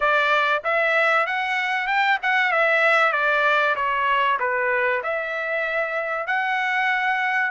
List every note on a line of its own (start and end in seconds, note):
0.00 0.62 D5
0.64 1.26 E5
1.26 1.87 F#5
1.87 2.18 G5
2.22 2.51 F#5
2.51 3.12 E5
3.12 3.75 D5
3.75 4.38 C#5
4.39 5.02 B4
5.03 6.26 E5
6.26 7.50 F#5